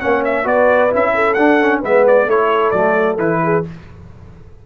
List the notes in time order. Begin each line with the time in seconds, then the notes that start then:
0.00 A#3 C#4 C#5 F#5
0.25 E5
0.44 B3 F#4 B4 D5
0.90 C#4 E4 E5
1.15 A4
1.34 D4 F#5
1.61 C#4
1.81 G#3 B3 B4 E5
2.07 D5
2.26 A3 E4 A4 C#5
2.71 F#3 A3 D5
3.18 E3 E4 B4
3.44 G#4